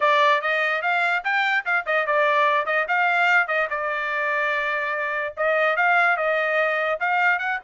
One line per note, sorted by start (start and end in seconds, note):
0.00 0.41 D5
0.41 0.82 D#5
0.82 1.23 F5
1.23 1.65 G5
1.65 1.85 F5
1.85 2.06 D#5
2.06 2.65 D5
2.65 2.86 D#5
2.87 3.47 F5
3.47 3.68 D#5
3.70 5.34 D5
5.36 5.76 D#5
5.76 6.16 F5
6.16 6.99 D#5
7.00 7.38 F5
7.38 7.59 F#5